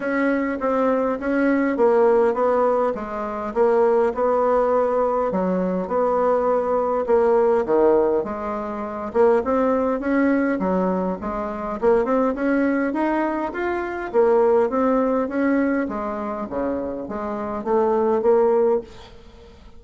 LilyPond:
\new Staff \with { instrumentName = "bassoon" } { \time 4/4 \tempo 4 = 102 cis'4 c'4 cis'4 ais4 | b4 gis4 ais4 b4~ | b4 fis4 b2 | ais4 dis4 gis4. ais8 |
c'4 cis'4 fis4 gis4 | ais8 c'8 cis'4 dis'4 f'4 | ais4 c'4 cis'4 gis4 | cis4 gis4 a4 ais4 | }